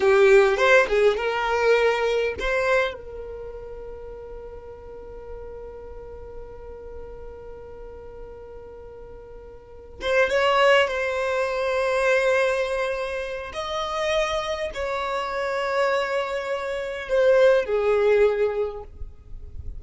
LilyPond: \new Staff \with { instrumentName = "violin" } { \time 4/4 \tempo 4 = 102 g'4 c''8 gis'8 ais'2 | c''4 ais'2.~ | ais'1~ | ais'1~ |
ais'4 c''8 cis''4 c''4.~ | c''2. dis''4~ | dis''4 cis''2.~ | cis''4 c''4 gis'2 | }